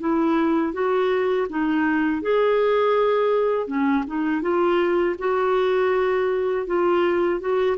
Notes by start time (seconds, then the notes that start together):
0.00 E4
0.73 F#4
1.49 D#4
2.22 G#4
3.67 C#4
4.07 D#4
4.42 F4
5.19 F#4
6.67 F4
7.40 F#4